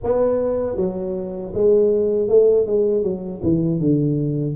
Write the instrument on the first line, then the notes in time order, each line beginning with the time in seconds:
tuba
0.03 B3
0.76 F#3
1.54 G#3
2.28 A3
2.66 G#3
3.03 F#3
3.42 E3
3.80 D3